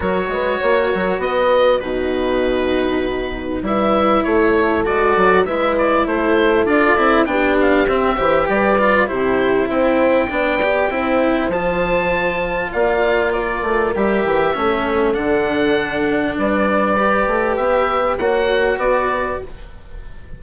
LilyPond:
<<
  \new Staff \with { instrumentName = "oboe" } { \time 4/4 \tempo 4 = 99 cis''2 dis''4 b'4~ | b'2 e''4 cis''4 | d''4 e''8 d''8 c''4 d''4 | g''8 f''8 e''4 d''4 c''4 |
g''2. a''4~ | a''4 f''4 d''4 e''4~ | e''4 fis''2 d''4~ | d''4 e''4 fis''4 d''4 | }
  \new Staff \with { instrumentName = "horn" } { \time 4/4 ais'8 b'8 cis''8 ais'8 b'4 fis'4~ | fis'2 b'4 a'4~ | a'4 b'4 a'2 | g'4. c''8 b'4 g'4 |
c''4 d''4 c''2~ | c''4 d''4 ais'2 | a'2. b'4~ | b'2 cis''4 b'4 | }
  \new Staff \with { instrumentName = "cello" } { \time 4/4 fis'2. dis'4~ | dis'2 e'2 | fis'4 e'2 f'8 e'8 | d'4 c'8 g'4 f'8 e'4~ |
e'4 d'8 g'8 e'4 f'4~ | f'2. g'4 | cis'4 d'2. | g'2 fis'2 | }
  \new Staff \with { instrumentName = "bassoon" } { \time 4/4 fis8 gis8 ais8 fis8 b4 b,4~ | b,2 g4 a4 | gis8 fis8 gis4 a4 d'8 c'8 | b4 c'8 e8 g4 c4 |
c'4 b4 c'4 f4~ | f4 ais4. a8 g8 e8 | a4 d2 g4~ | g8 a8 b4 ais4 b4 | }
>>